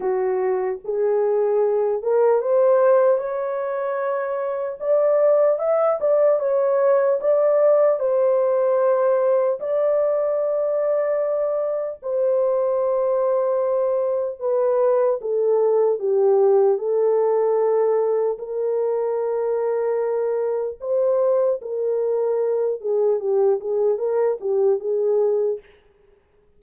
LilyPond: \new Staff \with { instrumentName = "horn" } { \time 4/4 \tempo 4 = 75 fis'4 gis'4. ais'8 c''4 | cis''2 d''4 e''8 d''8 | cis''4 d''4 c''2 | d''2. c''4~ |
c''2 b'4 a'4 | g'4 a'2 ais'4~ | ais'2 c''4 ais'4~ | ais'8 gis'8 g'8 gis'8 ais'8 g'8 gis'4 | }